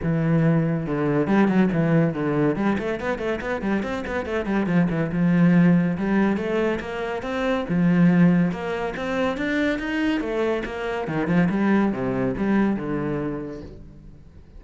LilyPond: \new Staff \with { instrumentName = "cello" } { \time 4/4 \tempo 4 = 141 e2 d4 g8 fis8 | e4 d4 g8 a8 b8 a8 | b8 g8 c'8 b8 a8 g8 f8 e8 | f2 g4 a4 |
ais4 c'4 f2 | ais4 c'4 d'4 dis'4 | a4 ais4 dis8 f8 g4 | c4 g4 d2 | }